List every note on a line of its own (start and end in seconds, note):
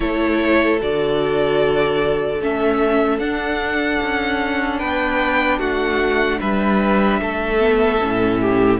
0.00 0.80 A3
0.00 0.80 E4
0.00 4.78 A4
0.00 0.79 C#5
0.80 2.41 D3
0.80 2.40 F#4
0.80 2.42 D5
2.41 3.18 A3
2.41 3.21 C#4
2.41 3.19 E5
3.18 3.98 D4
3.18 7.59 D4
3.18 4.79 F#5
4.02 4.82 C#4
4.78 5.59 B3
4.78 5.58 B4
4.78 5.58 G5
5.58 6.39 A3
5.58 6.38 F#4
5.58 6.40 F#5
6.40 7.21 G3
6.40 7.20 B4
6.40 8.79 E5
7.21 8.01 A3
7.21 8.41 A4
7.59 7.99 B3
8.00 8.79 A2
8.00 8.79 C#4
8.41 8.79 G4